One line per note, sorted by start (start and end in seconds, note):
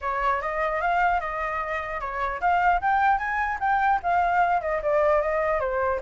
0.01 0.41 C#5
0.41 0.81 D#5
0.81 1.20 F5
1.20 2.00 D#5
2.00 2.40 C#5
2.41 2.81 F5
2.81 3.18 G5
3.18 3.58 G#5
3.60 4.00 G5
4.02 4.61 F5
4.61 4.81 D#5
4.82 5.21 D5
5.21 5.59 D#5
5.59 5.99 C5